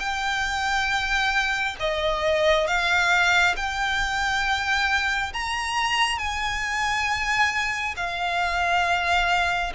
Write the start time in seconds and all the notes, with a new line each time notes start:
0.00 G5
1.80 D#5
2.68 F5
3.57 G5
5.33 A#5
6.18 G#5
7.97 F5